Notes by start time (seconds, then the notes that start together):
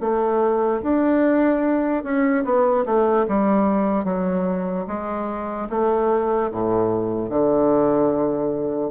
0.00 A3
0.82 D4
2.03 C#4
2.44 B3
2.85 A3
3.28 G3
4.04 F#3
4.87 G#3
5.69 A3
6.50 A2
7.29 D3